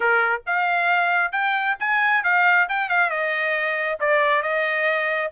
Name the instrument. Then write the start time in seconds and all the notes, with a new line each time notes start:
trumpet
0.00 A#4
0.46 F5
1.32 G5
1.79 G#5
2.23 F5
2.68 G5
2.89 F5
3.09 D#5
4.00 D5
4.42 D#5